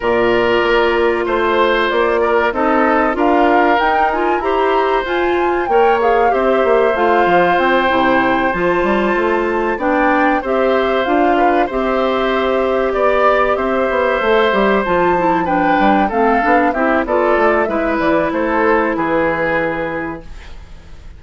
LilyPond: <<
  \new Staff \with { instrumentName = "flute" } { \time 4/4 \tempo 4 = 95 d''2 c''4 d''4 | dis''4 f''4 g''8 gis''8 ais''4 | gis''4 g''8 f''8 e''4 f''4 | g''4. a''2 g''8~ |
g''8 e''4 f''4 e''4.~ | e''8 d''4 e''2 a''8~ | a''8 g''4 f''4 e''8 d''4 | e''8 d''8 c''4 b'2 | }
  \new Staff \with { instrumentName = "oboe" } { \time 4/4 ais'2 c''4. ais'8 | a'4 ais'2 c''4~ | c''4 cis''4 c''2~ | c''2.~ c''8 d''8~ |
d''8 c''4. b'8 c''4.~ | c''8 d''4 c''2~ c''8~ | c''8 b'4 a'4 g'8 a'4 | b'4 a'4 gis'2 | }
  \new Staff \with { instrumentName = "clarinet" } { \time 4/4 f'1 | dis'4 f'4 dis'8 f'8 g'4 | f'4 ais'8 gis'8 g'4 f'4~ | f'8 e'4 f'2 d'8~ |
d'8 g'4 f'4 g'4.~ | g'2~ g'8 a'8 g'8 f'8 | e'8 d'4 c'8 d'8 e'8 f'4 | e'1 | }
  \new Staff \with { instrumentName = "bassoon" } { \time 4/4 ais,4 ais4 a4 ais4 | c'4 d'4 dis'4 e'4 | f'4 ais4 c'8 ais8 a8 f8 | c'8 c4 f8 g8 a4 b8~ |
b8 c'4 d'4 c'4.~ | c'8 b4 c'8 b8 a8 g8 f8~ | f4 g8 a8 b8 c'8 b8 a8 | gis8 e8 a4 e2 | }
>>